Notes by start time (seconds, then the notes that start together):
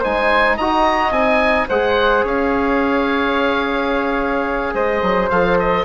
0.00 G#3 D#4 C5 G#5
0.56 D#4 F#4 D#5 A#5
1.11 C4 D#4 G#5
1.69 G#3 G#4 C5 F#5
2.24 C#4 C#5 F5
4.74 G#3 C5 D#5
5.02 F#3
5.30 F3 A4 F5
5.60 D#5